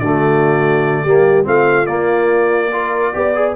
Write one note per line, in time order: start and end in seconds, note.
0.00 1.04 D3
0.00 1.07 A3
0.00 1.04 F#4
0.00 1.46 D5
1.04 1.46 G3
1.04 1.44 A#3
1.04 1.45 G4
1.44 1.87 A3
1.44 1.86 C4
1.44 2.70 F4
1.44 1.87 F5
1.87 3.12 A#3
1.87 2.72 A#3
1.87 3.53 D5
2.72 3.13 F4
2.72 3.15 A#4
3.13 3.56 B3
3.13 3.34 G4
3.13 3.56 D5
3.35 3.56 G#4